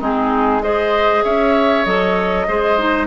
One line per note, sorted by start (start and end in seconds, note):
0.00 1.23 G#3
0.00 0.61 C4
0.00 0.61 D#4
0.00 0.62 G#4
0.62 1.85 G#4
0.62 1.24 C5
0.62 1.23 D#5
1.24 1.85 C#4
1.24 2.46 C#5
1.24 1.85 E5
1.85 2.47 F#3
1.85 2.47 A4
1.85 3.07 D#5
2.47 3.07 G#3
2.47 2.78 G#4
2.47 3.07 C5
2.78 3.07 D#4